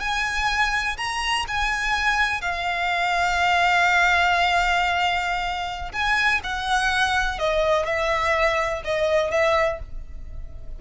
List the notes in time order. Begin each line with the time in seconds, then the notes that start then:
0.00 G#5
0.97 A#5
1.48 G#5
2.41 F5
5.93 G#5
6.44 F#5
7.39 D#5
7.86 E5
8.84 D#5
9.31 E5